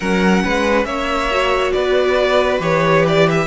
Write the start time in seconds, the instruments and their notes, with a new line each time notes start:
0.00 cello F#3, viola C#4, violin A#4 F#5
0.44 cello G#3, violin B4
0.84 cello A#3, violin C#5 E5
1.31 viola F#4
1.72 cello B3, violin B4 D5
2.59 cello E3, viola G4, violin C#5
3.07 violin D5
3.30 violin E5